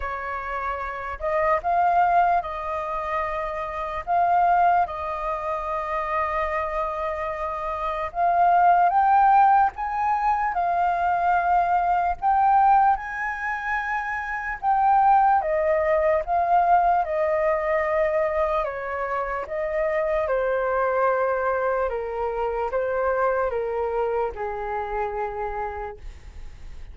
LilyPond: \new Staff \with { instrumentName = "flute" } { \time 4/4 \tempo 4 = 74 cis''4. dis''8 f''4 dis''4~ | dis''4 f''4 dis''2~ | dis''2 f''4 g''4 | gis''4 f''2 g''4 |
gis''2 g''4 dis''4 | f''4 dis''2 cis''4 | dis''4 c''2 ais'4 | c''4 ais'4 gis'2 | }